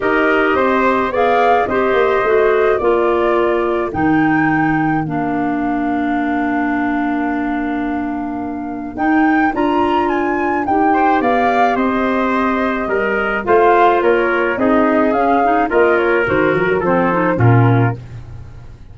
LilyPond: <<
  \new Staff \with { instrumentName = "flute" } { \time 4/4 \tempo 4 = 107 dis''2 f''4 dis''4~ | dis''4 d''2 g''4~ | g''4 f''2.~ | f''1 |
g''4 ais''4 gis''4 g''4 | f''4 dis''2. | f''4 cis''4 dis''4 f''4 | dis''8 cis''8 c''8 ais'8 c''4 ais'4 | }
  \new Staff \with { instrumentName = "trumpet" } { \time 4/4 ais'4 c''4 d''4 c''4~ | c''4 ais'2.~ | ais'1~ | ais'1~ |
ais'2.~ ais'8 c''8 | d''4 c''2 ais'4 | c''4 ais'4 gis'2 | ais'2 a'4 f'4 | }
  \new Staff \with { instrumentName = "clarinet" } { \time 4/4 g'2 gis'4 g'4 | fis'4 f'2 dis'4~ | dis'4 d'2.~ | d'1 |
dis'4 f'2 g'4~ | g'1 | f'2 dis'4 cis'8 dis'8 | f'4 fis'4 c'8 dis'8 cis'4 | }
  \new Staff \with { instrumentName = "tuba" } { \time 4/4 dis'4 c'4 b4 c'8 ais8 | a4 ais2 dis4~ | dis4 ais2.~ | ais1 |
dis'4 d'2 dis'4 | b4 c'2 g4 | a4 ais4 c'4 cis'4 | ais4 dis8 f16 fis16 f4 ais,4 | }
>>